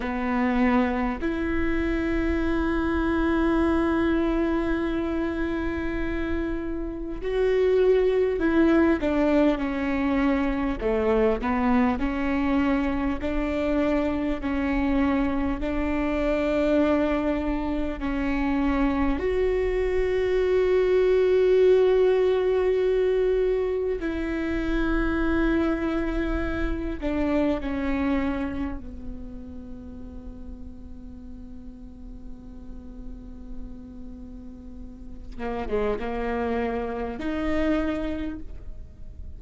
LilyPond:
\new Staff \with { instrumentName = "viola" } { \time 4/4 \tempo 4 = 50 b4 e'2.~ | e'2 fis'4 e'8 d'8 | cis'4 a8 b8 cis'4 d'4 | cis'4 d'2 cis'4 |
fis'1 | e'2~ e'8 d'8 cis'4 | b1~ | b4. ais16 gis16 ais4 dis'4 | }